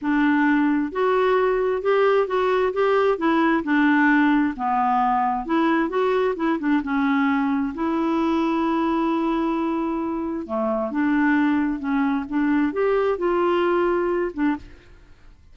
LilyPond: \new Staff \with { instrumentName = "clarinet" } { \time 4/4 \tempo 4 = 132 d'2 fis'2 | g'4 fis'4 g'4 e'4 | d'2 b2 | e'4 fis'4 e'8 d'8 cis'4~ |
cis'4 e'2.~ | e'2. a4 | d'2 cis'4 d'4 | g'4 f'2~ f'8 d'8 | }